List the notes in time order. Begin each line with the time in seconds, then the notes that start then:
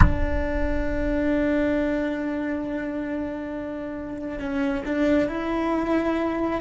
0.00 D4
4.39 C#4
4.85 D4
5.28 E4